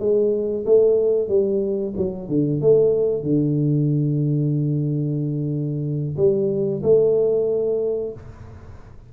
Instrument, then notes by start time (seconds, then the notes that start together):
tuba
0.00 G#3
0.66 A3
1.28 G3
1.97 F#3
2.29 D3
2.61 A3
3.23 D3
6.17 G3
6.83 A3